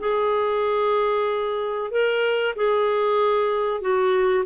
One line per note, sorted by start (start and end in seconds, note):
0.00 1.91 G#4
1.91 2.55 A#4
2.56 3.81 G#4
3.81 4.45 F#4